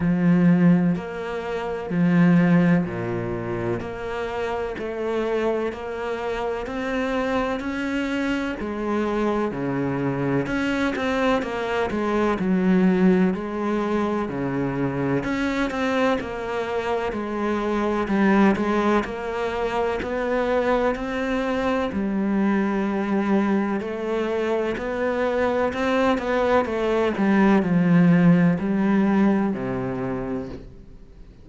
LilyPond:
\new Staff \with { instrumentName = "cello" } { \time 4/4 \tempo 4 = 63 f4 ais4 f4 ais,4 | ais4 a4 ais4 c'4 | cis'4 gis4 cis4 cis'8 c'8 | ais8 gis8 fis4 gis4 cis4 |
cis'8 c'8 ais4 gis4 g8 gis8 | ais4 b4 c'4 g4~ | g4 a4 b4 c'8 b8 | a8 g8 f4 g4 c4 | }